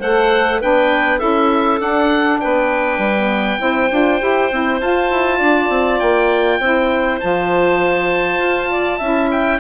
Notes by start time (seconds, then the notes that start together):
0.00 A3 A4 C5 F#5
0.60 B3 D4 B4 G5
1.20 C#4 E4 A4 E5
1.79 D4 F#5
2.41 B3 B4 G5
2.99 G3
3.16 B3
3.60 C4 E4 C5
3.91 D4 F4
4.20 E4 G4
4.52 C4 E4
4.81 F4 A5
5.11 E4
5.39 D4 D5
5.70 C4
6.00 A#3 G5
6.60 C4 E4 C5
7.20 F3 F4 A5
8.39 F4
8.71 D5
8.98 C#4 E4 E5
9.32 G5